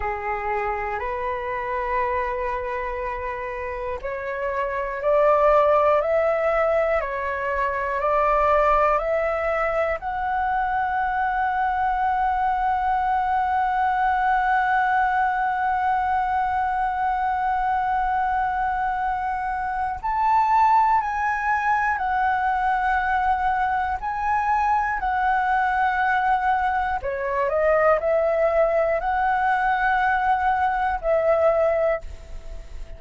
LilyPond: \new Staff \with { instrumentName = "flute" } { \time 4/4 \tempo 4 = 60 gis'4 b'2. | cis''4 d''4 e''4 cis''4 | d''4 e''4 fis''2~ | fis''1~ |
fis''1 | a''4 gis''4 fis''2 | gis''4 fis''2 cis''8 dis''8 | e''4 fis''2 e''4 | }